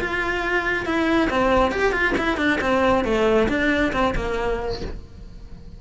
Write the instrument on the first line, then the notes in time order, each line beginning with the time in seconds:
cello
0.00 F4
0.86 E4
1.30 C4
1.72 G4
1.93 F4
2.18 E4
2.37 D4
2.61 C4
3.05 A3
3.49 D4
3.93 C4
4.16 A#3